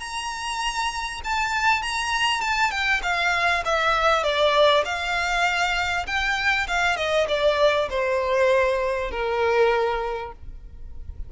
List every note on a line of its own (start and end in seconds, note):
0.00 1.21 A#5
1.25 1.83 A5
1.83 2.42 A#5
2.42 2.71 A5
2.71 3.01 G5
3.03 3.64 F5
3.66 4.24 E5
4.24 4.84 D5
4.85 6.07 F5
6.07 6.67 G5
6.67 6.97 F5
6.97 7.27 D#5
7.29 7.89 D5
7.90 9.11 C5
9.11 10.33 A#4